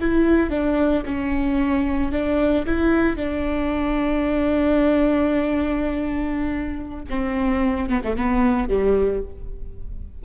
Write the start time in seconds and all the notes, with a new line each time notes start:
0.00 E4
0.50 D4
1.06 C#4
2.12 D4
2.66 E4
3.17 D4
7.09 C4
7.89 B3
8.04 A3
8.16 B3
8.69 G3